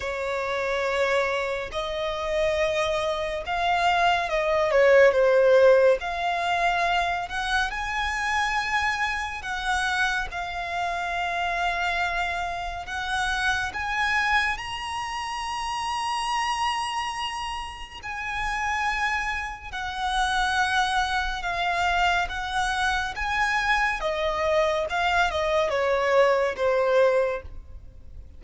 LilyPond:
\new Staff \with { instrumentName = "violin" } { \time 4/4 \tempo 4 = 70 cis''2 dis''2 | f''4 dis''8 cis''8 c''4 f''4~ | f''8 fis''8 gis''2 fis''4 | f''2. fis''4 |
gis''4 ais''2.~ | ais''4 gis''2 fis''4~ | fis''4 f''4 fis''4 gis''4 | dis''4 f''8 dis''8 cis''4 c''4 | }